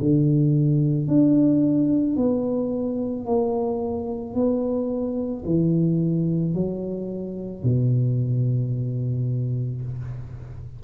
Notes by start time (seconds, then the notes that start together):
0.00 D3
1.08 D4
2.17 B3
3.26 A#3
4.34 B3
5.45 E3
6.54 F#3
7.63 B2